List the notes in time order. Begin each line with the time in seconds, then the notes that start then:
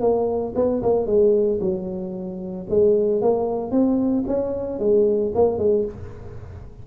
0.00 A#3
0.55 B3
0.82 A#3
1.06 G#3
1.60 F#3
2.69 G#3
3.21 A#3
3.71 C4
4.27 C#4
4.79 G#3
5.34 A#3
5.58 G#3